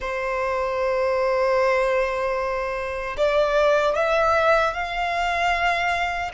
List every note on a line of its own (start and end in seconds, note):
0.00 3.16 C5
3.17 3.95 D5
3.95 4.73 E5
4.73 6.31 F5